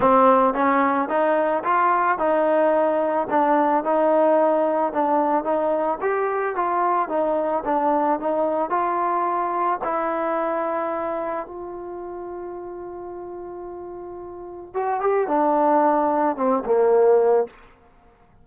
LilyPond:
\new Staff \with { instrumentName = "trombone" } { \time 4/4 \tempo 4 = 110 c'4 cis'4 dis'4 f'4 | dis'2 d'4 dis'4~ | dis'4 d'4 dis'4 g'4 | f'4 dis'4 d'4 dis'4 |
f'2 e'2~ | e'4 f'2.~ | f'2. fis'8 g'8 | d'2 c'8 ais4. | }